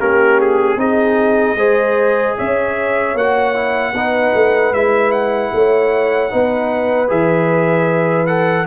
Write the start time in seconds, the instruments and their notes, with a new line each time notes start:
0.00 tuba A#3, trombone C#4, horn G4, trumpet A#4
0.41 trumpet G#4
0.77 tuba C4, trombone D#4, horn G#4, trumpet D#5
1.56 tuba G#3, trombone G#4, horn C5
2.37 tuba C#4, horn C#5, trumpet E5
3.15 tuba A#3, trombone F#4, trumpet F#5
3.55 trombone E4
3.94 tuba B3, trombone D#4, horn B4
4.35 tuba A3
4.72 tuba G#3, trombone E4, trumpet E5
5.12 trumpet F#5
5.54 tuba A3, horn C#5
6.30 tuba B3, trombone D#4, horn B4
7.08 tuba E3, trombone G#4, trumpet E5
8.27 trombone A4, trumpet F#5